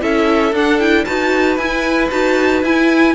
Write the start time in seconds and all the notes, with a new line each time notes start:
0.00 C#4 E4 A4 E5
0.52 D4 F#5
0.79 E4 G5
1.04 D#4 F#4 B4 A5
1.57 E4 G#5
2.10 D#4 F#4 A5
2.63 E4 G#5